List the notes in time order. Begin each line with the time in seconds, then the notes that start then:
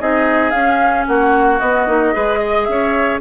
0.00 C4 D#4 G#4 D#5
0.51 C#4 F5
1.07 A#3 F#4 F#5
1.60 B3 D#5
1.87 A#3 D#4
2.13 G#3 G#4 B4
2.40 D#5
2.64 C#4 E5
2.71 C#5